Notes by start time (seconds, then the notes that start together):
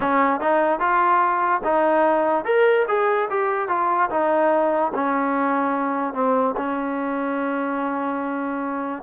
0.00 C#4
0.40 D#4
0.79 F4
1.64 D#4
2.44 A#4
2.88 G#4
3.30 G4
3.68 F4
4.09 D#4
4.94 C#4
6.13 C4
6.56 C#4